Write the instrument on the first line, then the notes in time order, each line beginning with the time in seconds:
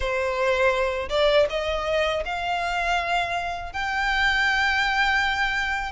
violin
0.00 C5
1.09 D5
1.49 D#5
2.25 F5
3.72 G5